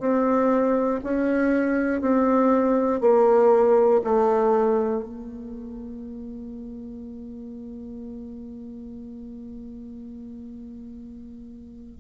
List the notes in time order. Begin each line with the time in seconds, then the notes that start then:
0.00 C4
1.04 C#4
2.02 C4
3.01 A#3
4.05 A3
5.04 A#3